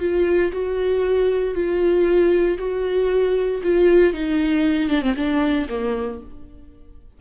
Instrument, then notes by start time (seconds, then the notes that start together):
viola
0.00 F4
0.52 F#4
1.55 F4
2.58 F#4
3.63 F4
4.13 D#4
4.89 D4
5.02 C4
5.16 D4
5.69 A#3